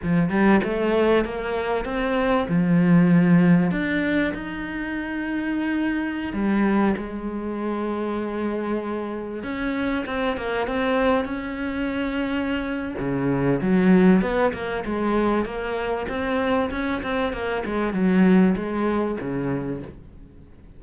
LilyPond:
\new Staff \with { instrumentName = "cello" } { \time 4/4 \tempo 4 = 97 f8 g8 a4 ais4 c'4 | f2 d'4 dis'4~ | dis'2~ dis'16 g4 gis8.~ | gis2.~ gis16 cis'8.~ |
cis'16 c'8 ais8 c'4 cis'4.~ cis'16~ | cis'4 cis4 fis4 b8 ais8 | gis4 ais4 c'4 cis'8 c'8 | ais8 gis8 fis4 gis4 cis4 | }